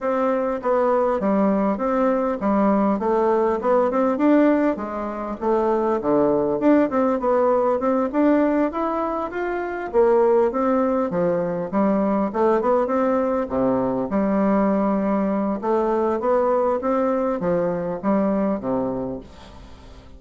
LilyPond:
\new Staff \with { instrumentName = "bassoon" } { \time 4/4 \tempo 4 = 100 c'4 b4 g4 c'4 | g4 a4 b8 c'8 d'4 | gis4 a4 d4 d'8 c'8 | b4 c'8 d'4 e'4 f'8~ |
f'8 ais4 c'4 f4 g8~ | g8 a8 b8 c'4 c4 g8~ | g2 a4 b4 | c'4 f4 g4 c4 | }